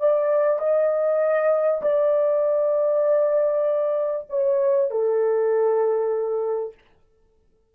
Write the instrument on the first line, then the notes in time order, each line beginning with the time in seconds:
horn
0.00 D5
0.59 D#5
1.82 D5
4.30 C#5
4.91 A4